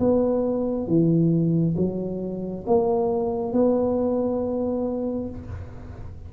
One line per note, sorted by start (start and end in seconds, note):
0.00 0.87 B3
0.87 1.76 E3
1.77 2.66 F#3
2.67 3.53 A#3
3.53 5.30 B3